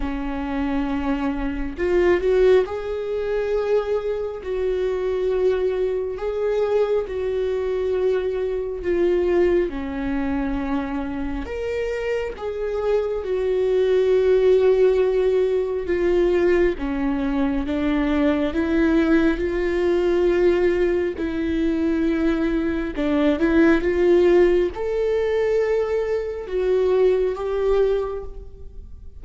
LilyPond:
\new Staff \with { instrumentName = "viola" } { \time 4/4 \tempo 4 = 68 cis'2 f'8 fis'8 gis'4~ | gis'4 fis'2 gis'4 | fis'2 f'4 cis'4~ | cis'4 ais'4 gis'4 fis'4~ |
fis'2 f'4 cis'4 | d'4 e'4 f'2 | e'2 d'8 e'8 f'4 | a'2 fis'4 g'4 | }